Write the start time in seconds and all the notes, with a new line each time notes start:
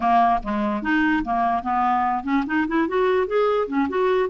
0.00 A#3
0.43 G#3
0.82 D#4
1.24 A#3
1.63 B3
2.23 C#4
2.46 D#4
2.67 E4
2.88 F#4
3.27 G#4
3.67 C#4
3.88 F#4